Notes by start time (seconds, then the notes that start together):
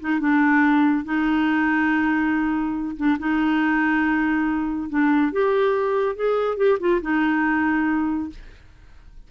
0.00 D#4
0.20 D4
1.04 D#4
2.96 D4
3.19 D#4
4.89 D4
5.32 G4
6.15 G#4
6.57 G4
6.79 F4
7.02 D#4